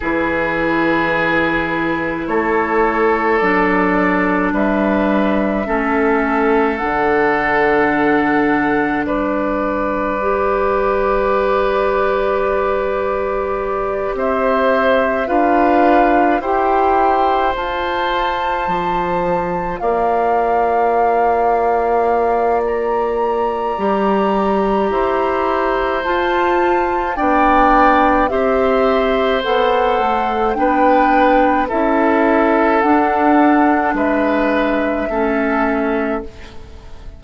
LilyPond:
<<
  \new Staff \with { instrumentName = "flute" } { \time 4/4 \tempo 4 = 53 b'2 cis''4 d''4 | e''2 fis''2 | d''1~ | d''8 e''4 f''4 g''4 a''8~ |
a''4. f''2~ f''8 | ais''2. a''4 | g''4 e''4 fis''4 g''4 | e''4 fis''4 e''2 | }
  \new Staff \with { instrumentName = "oboe" } { \time 4/4 gis'2 a'2 | b'4 a'2. | b'1~ | b'8 c''4 b'4 c''4.~ |
c''4. d''2~ d''8~ | d''2 c''2 | d''4 c''2 b'4 | a'2 b'4 a'4 | }
  \new Staff \with { instrumentName = "clarinet" } { \time 4/4 e'2. d'4~ | d'4 cis'4 d'2~ | d'4 g'2.~ | g'4. f'4 g'4 f'8~ |
f'1~ | f'4 g'2 f'4 | d'4 g'4 a'4 d'4 | e'4 d'2 cis'4 | }
  \new Staff \with { instrumentName = "bassoon" } { \time 4/4 e2 a4 fis4 | g4 a4 d2 | g1~ | g8 c'4 d'4 e'4 f'8~ |
f'8 f4 ais2~ ais8~ | ais4 g4 e'4 f'4 | b4 c'4 b8 a8 b4 | cis'4 d'4 gis4 a4 | }
>>